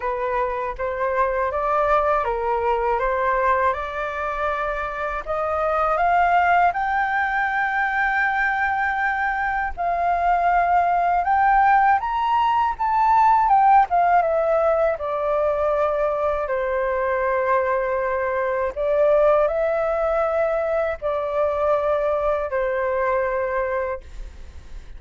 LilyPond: \new Staff \with { instrumentName = "flute" } { \time 4/4 \tempo 4 = 80 b'4 c''4 d''4 ais'4 | c''4 d''2 dis''4 | f''4 g''2.~ | g''4 f''2 g''4 |
ais''4 a''4 g''8 f''8 e''4 | d''2 c''2~ | c''4 d''4 e''2 | d''2 c''2 | }